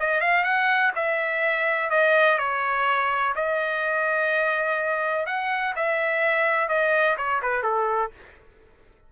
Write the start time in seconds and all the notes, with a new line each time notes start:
0.00 D#5
0.21 F5
0.44 F#5
0.96 E5
1.90 D#5
2.38 C#5
3.36 D#5
5.26 F#5
5.76 E5
6.69 D#5
7.18 C#5
7.42 B4
7.63 A4